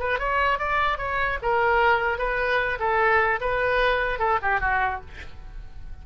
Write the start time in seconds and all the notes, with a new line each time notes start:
0.00 B4
0.20 C#5
0.59 D5
0.98 C#5
1.43 A#4
2.19 B4
2.80 A4
3.41 B4
4.20 A4
4.43 G4
4.61 F#4